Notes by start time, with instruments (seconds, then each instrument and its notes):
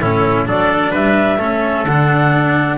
0.00 double bass A2, cello C#4, trumpet E4, clarinet A4
0.45 double bass F#3, cello D4, trumpet A4, clarinet D5
0.91 double bass G3, trumpet B4, clarinet E5
1.38 double bass A3, cello C#4, trumpet A4
1.84 double bass D3, cello D4, clarinet F#5